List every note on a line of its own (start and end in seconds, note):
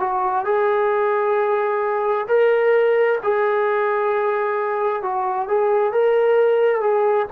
0.00 0.45 F#4
0.45 2.27 G#4
2.28 3.19 A#4
3.23 5.02 G#4
5.02 5.48 F#4
5.48 5.93 G#4
5.93 6.81 A#4
6.81 7.26 G#4